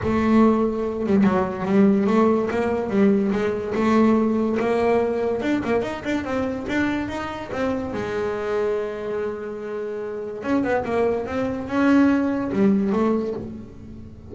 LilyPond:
\new Staff \with { instrumentName = "double bass" } { \time 4/4 \tempo 4 = 144 a2~ a8 g8 fis4 | g4 a4 ais4 g4 | gis4 a2 ais4~ | ais4 d'8 ais8 dis'8 d'8 c'4 |
d'4 dis'4 c'4 gis4~ | gis1~ | gis4 cis'8 b8 ais4 c'4 | cis'2 g4 a4 | }